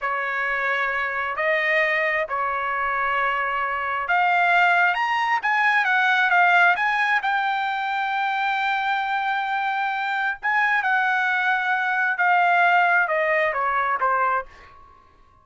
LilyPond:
\new Staff \with { instrumentName = "trumpet" } { \time 4/4 \tempo 4 = 133 cis''2. dis''4~ | dis''4 cis''2.~ | cis''4 f''2 ais''4 | gis''4 fis''4 f''4 gis''4 |
g''1~ | g''2. gis''4 | fis''2. f''4~ | f''4 dis''4 cis''4 c''4 | }